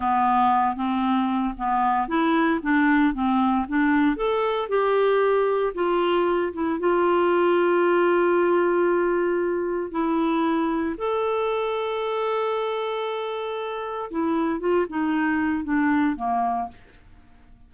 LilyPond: \new Staff \with { instrumentName = "clarinet" } { \time 4/4 \tempo 4 = 115 b4. c'4. b4 | e'4 d'4 c'4 d'4 | a'4 g'2 f'4~ | f'8 e'8 f'2.~ |
f'2. e'4~ | e'4 a'2.~ | a'2. e'4 | f'8 dis'4. d'4 ais4 | }